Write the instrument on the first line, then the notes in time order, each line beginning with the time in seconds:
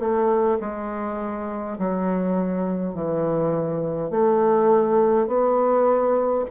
bassoon
0.00 A3
0.60 G#3
1.79 F#3
2.95 E3
4.11 A3
5.27 B3